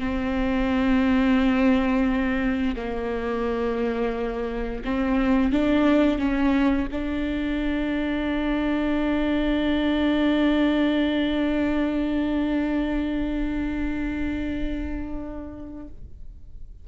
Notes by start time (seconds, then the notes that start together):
0.00 C4
2.76 A#3
4.85 C4
5.53 D4
6.19 C#4
6.92 D4